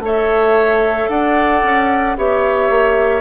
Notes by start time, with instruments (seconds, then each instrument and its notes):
0.00 bassoon A3, clarinet A4, oboe C#5, flute E5
1.09 bassoon D4, oboe D5, flute F#5
1.63 bassoon C#4
2.17 bassoon B3, clarinet G4, oboe C#5, flute E5
2.70 bassoon A#3